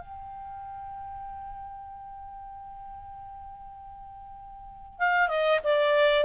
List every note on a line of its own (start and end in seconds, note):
0.00 4.99 G5
4.99 5.28 F5
5.28 5.59 D#5
5.64 6.24 D5